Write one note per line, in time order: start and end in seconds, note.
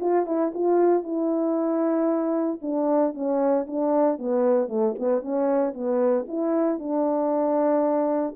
0.00 0.26 F4
0.26 0.52 E4
0.54 1.03 F4
1.03 2.59 E4
2.62 3.14 D4
3.14 3.66 C#4
3.67 4.18 D4
4.18 4.68 B3
4.68 4.94 A3
4.99 5.21 B3
5.21 5.73 C#4
5.73 6.25 B3
6.28 6.79 E4
6.79 8.35 D4